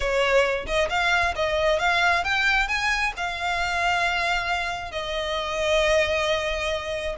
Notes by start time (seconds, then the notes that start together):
0.00 C#5
0.66 D#5
0.89 F5
1.35 D#5
1.79 F5
2.23 G5
2.67 G#5
3.16 F5
4.91 D#5